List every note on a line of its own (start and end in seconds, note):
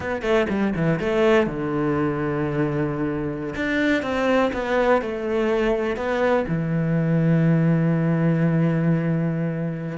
0.00 0.22 B3
0.22 0.46 A3
0.49 0.73 G3
0.75 0.99 E3
0.99 1.47 A3
1.47 3.54 D3
3.55 4.02 D4
4.02 4.51 C4
4.53 5.01 B3
5.01 5.96 A3
5.96 6.45 B3
6.47 9.97 E3